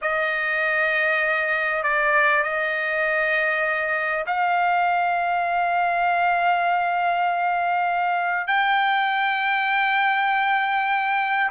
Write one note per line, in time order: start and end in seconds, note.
0.01 1.83 D#5
1.83 2.43 D5
2.43 4.25 D#5
4.26 8.47 F5
8.47 11.50 G5